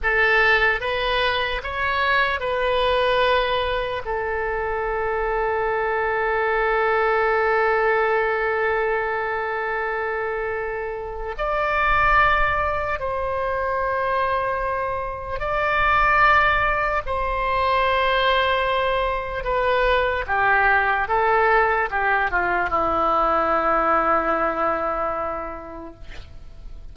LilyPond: \new Staff \with { instrumentName = "oboe" } { \time 4/4 \tempo 4 = 74 a'4 b'4 cis''4 b'4~ | b'4 a'2.~ | a'1~ | a'2 d''2 |
c''2. d''4~ | d''4 c''2. | b'4 g'4 a'4 g'8 f'8 | e'1 | }